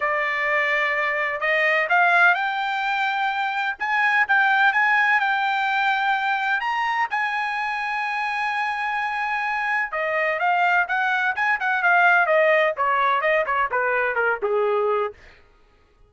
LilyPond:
\new Staff \with { instrumentName = "trumpet" } { \time 4/4 \tempo 4 = 127 d''2. dis''4 | f''4 g''2. | gis''4 g''4 gis''4 g''4~ | g''2 ais''4 gis''4~ |
gis''1~ | gis''4 dis''4 f''4 fis''4 | gis''8 fis''8 f''4 dis''4 cis''4 | dis''8 cis''8 b'4 ais'8 gis'4. | }